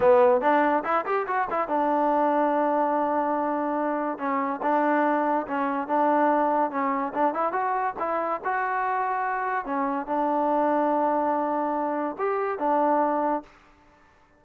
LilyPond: \new Staff \with { instrumentName = "trombone" } { \time 4/4 \tempo 4 = 143 b4 d'4 e'8 g'8 fis'8 e'8 | d'1~ | d'2 cis'4 d'4~ | d'4 cis'4 d'2 |
cis'4 d'8 e'8 fis'4 e'4 | fis'2. cis'4 | d'1~ | d'4 g'4 d'2 | }